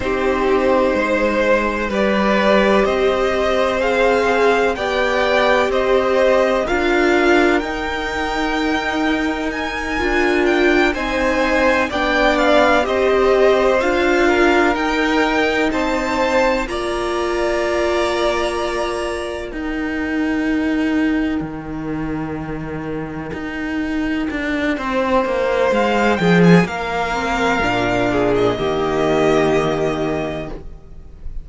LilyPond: <<
  \new Staff \with { instrumentName = "violin" } { \time 4/4 \tempo 4 = 63 c''2 d''4 dis''4 | f''4 g''4 dis''4 f''4 | g''2 gis''4 g''8 gis''8~ | gis''8 g''8 f''8 dis''4 f''4 g''8~ |
g''8 a''4 ais''2~ ais''8~ | ais''8 g''2.~ g''8~ | g''2. f''8 g''16 gis''16 | f''4.~ f''16 dis''2~ dis''16 | }
  \new Staff \with { instrumentName = "violin" } { \time 4/4 g'4 c''4 b'4 c''4~ | c''4 d''4 c''4 ais'4~ | ais'2.~ ais'8 c''8~ | c''8 d''4 c''4. ais'4~ |
ais'8 c''4 d''2~ d''8~ | d''8 ais'2.~ ais'8~ | ais'2 c''4. gis'8 | ais'4. gis'8 g'2 | }
  \new Staff \with { instrumentName = "viola" } { \time 4/4 dis'2 g'2 | gis'4 g'2 f'4 | dis'2~ dis'8 f'4 dis'8~ | dis'8 d'4 g'4 f'4 dis'8~ |
dis'4. f'2~ f'8~ | f'8 dis'2.~ dis'8~ | dis'1~ | dis'8 c'8 d'4 ais2 | }
  \new Staff \with { instrumentName = "cello" } { \time 4/4 c'4 gis4 g4 c'4~ | c'4 b4 c'4 d'4 | dis'2~ dis'8 d'4 c'8~ | c'8 b4 c'4 d'4 dis'8~ |
dis'8 c'4 ais2~ ais8~ | ais8 dis'2 dis4.~ | dis8 dis'4 d'8 c'8 ais8 gis8 f8 | ais4 ais,4 dis2 | }
>>